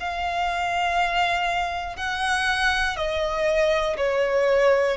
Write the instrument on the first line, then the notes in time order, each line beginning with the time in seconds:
violin
0.00 F5
1.97 F#5
2.97 D#5
3.97 C#5